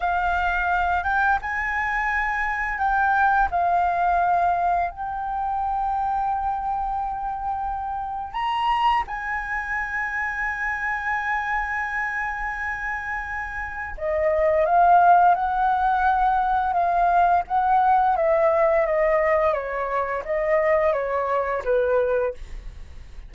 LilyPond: \new Staff \with { instrumentName = "flute" } { \time 4/4 \tempo 4 = 86 f''4. g''8 gis''2 | g''4 f''2 g''4~ | g''1 | ais''4 gis''2.~ |
gis''1 | dis''4 f''4 fis''2 | f''4 fis''4 e''4 dis''4 | cis''4 dis''4 cis''4 b'4 | }